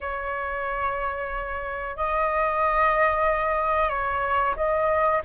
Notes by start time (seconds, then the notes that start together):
0.00 C#5
1.96 D#5
3.89 C#5
4.56 D#5